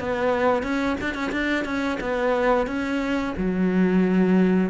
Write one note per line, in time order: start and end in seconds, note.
0.00 0.63 B3
0.63 0.97 C#4
1.01 1.15 D4
1.15 1.31 C#4
1.32 1.65 D4
1.65 1.99 C#4
2.01 2.67 B3
2.67 3.34 C#4
3.37 4.70 F#3